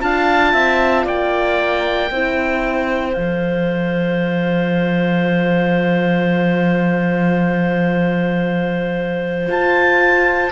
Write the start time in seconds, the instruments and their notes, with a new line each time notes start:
0.00 cello D4, horn F4, clarinet F5, oboe A5
0.52 cello C4, clarinet E5
1.05 cello A#3, clarinet D5, oboe G5
2.11 cello C4, horn E4, clarinet C5
3.14 cello F3, horn A4, oboe F5
9.46 horn F4, cello F4, oboe A5